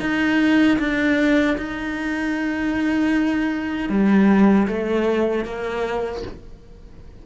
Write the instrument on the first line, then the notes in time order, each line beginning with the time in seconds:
cello
0.00 D#4
0.79 D4
1.57 D#4
3.89 G3
4.67 A3
5.45 A#3